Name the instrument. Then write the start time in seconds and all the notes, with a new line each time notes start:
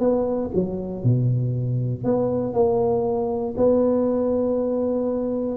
tuba
0.00 B3
0.55 F#3
1.04 B2
2.04 B3
2.54 A#3
3.57 B3